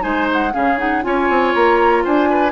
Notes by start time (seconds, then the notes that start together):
0.00 G#3 D#4 C5 G#5
0.33 F#5
0.53 C#3 C#4 G#4 F5
0.78 D#4 F#5
1.03 C#4 F4 C#5 G#5
1.29 C4
1.54 A#3 A#5
2.04 D4 C5 G#5
2.30 B4